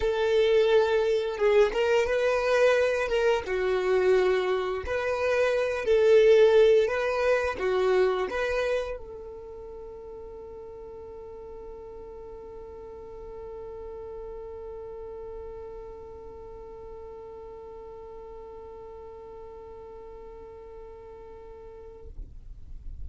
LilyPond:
\new Staff \with { instrumentName = "violin" } { \time 4/4 \tempo 4 = 87 a'2 gis'8 ais'8 b'4~ | b'8 ais'8 fis'2 b'4~ | b'8 a'4. b'4 fis'4 | b'4 a'2.~ |
a'1~ | a'1~ | a'1~ | a'1 | }